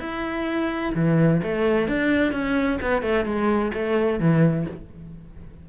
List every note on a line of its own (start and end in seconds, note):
0.00 0.93 E4
0.95 1.41 E3
1.42 1.88 A3
1.88 2.32 D4
2.32 2.79 C#4
2.81 3.02 B3
3.02 3.25 A3
3.25 3.71 G#3
3.74 4.19 A3
4.19 4.66 E3